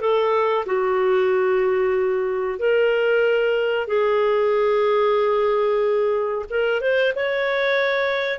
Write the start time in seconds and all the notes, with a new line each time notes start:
0.00 A4
0.65 F#4
2.59 A#4
3.87 G#4
6.50 A#4
6.81 C5
7.15 C#5